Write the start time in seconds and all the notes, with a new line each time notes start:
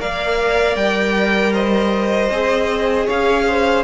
0.00 A#3 A#4 D5 F5
0.76 G3 G5
1.53 C5 D#5
2.31 C4 G#4
3.06 C#4 C#5 F5
3.47 C5